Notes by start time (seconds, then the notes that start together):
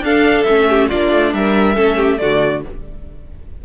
0.00 D4 A4 F5
0.43 A3 C#4 E5
0.70 G4
0.89 A#3 D4 F4 D5
1.12 A3
1.33 G3 A#4 E5
1.75 A3 C#4 A4
1.96 G4
2.18 D3 A3 F#4 D5